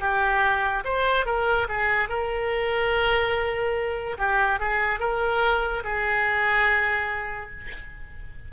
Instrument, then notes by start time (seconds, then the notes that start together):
oboe
0.00 G4
0.84 C5
1.25 A#4
1.68 G#4
2.08 A#4
4.18 G4
4.59 G#4
4.99 A#4
5.84 G#4